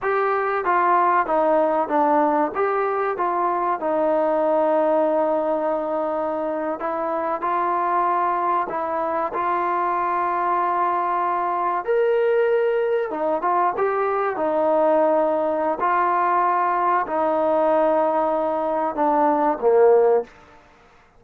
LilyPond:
\new Staff \with { instrumentName = "trombone" } { \time 4/4 \tempo 4 = 95 g'4 f'4 dis'4 d'4 | g'4 f'4 dis'2~ | dis'2~ dis'8. e'4 f'16~ | f'4.~ f'16 e'4 f'4~ f'16~ |
f'2~ f'8. ais'4~ ais'16~ | ais'8. dis'8 f'8 g'4 dis'4~ dis'16~ | dis'4 f'2 dis'4~ | dis'2 d'4 ais4 | }